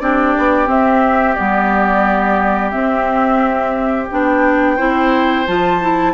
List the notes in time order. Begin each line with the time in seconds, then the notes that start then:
0.00 C4 D4 G4 D5
0.38 B3
0.67 C4 E5
1.34 G3 B3 D5
2.71 C4 E5
4.11 B3 D4 G5
4.77 C4 E4 C5
5.47 F3 F4 A5
5.81 E4